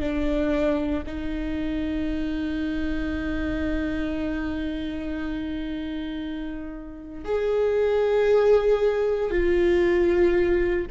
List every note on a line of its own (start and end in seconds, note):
0.00 1.03 D4
1.06 7.25 D#4
7.25 9.31 G#4
9.31 10.86 F4